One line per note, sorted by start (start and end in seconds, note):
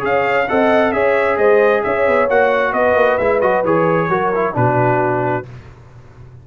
0.00 0.48 C#4
0.00 0.45 G#4
0.00 0.47 C#5
0.00 0.48 F5
0.48 0.93 C4
0.48 0.93 A4
0.48 0.93 D#5
0.48 0.92 F#5
0.92 1.38 C#4
0.92 2.29 G#4
0.92 1.38 C#5
0.92 1.37 E5
1.37 1.83 G#3
1.37 1.83 C5
1.37 1.83 D#5
1.84 2.07 C#4
1.84 2.72 C#5
1.84 2.29 E5
2.07 2.29 B3
2.29 2.73 A#3
2.29 3.20 F#4
2.29 2.73 F#5
2.72 2.94 B3
2.72 4.07 B4
2.72 3.18 D#5
2.94 3.17 A#3
3.18 3.42 G#3
3.18 3.42 E4
3.18 3.40 E5
3.41 3.64 F#3
3.41 3.64 F#4
3.41 3.64 D#5
3.64 4.09 E3
3.64 4.10 G#4
3.64 4.56 C#5
4.09 4.54 F#3
4.09 4.32 F#4
4.09 4.55 A#4
4.35 4.53 E4
4.53 5.47 B2
4.53 5.43 D4
4.53 5.47 F#4
4.53 5.46 B4